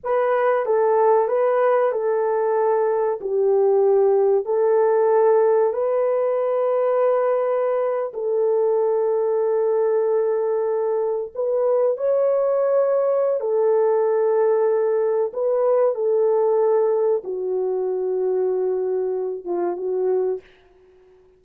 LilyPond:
\new Staff \with { instrumentName = "horn" } { \time 4/4 \tempo 4 = 94 b'4 a'4 b'4 a'4~ | a'4 g'2 a'4~ | a'4 b'2.~ | b'8. a'2.~ a'16~ |
a'4.~ a'16 b'4 cis''4~ cis''16~ | cis''4 a'2. | b'4 a'2 fis'4~ | fis'2~ fis'8 f'8 fis'4 | }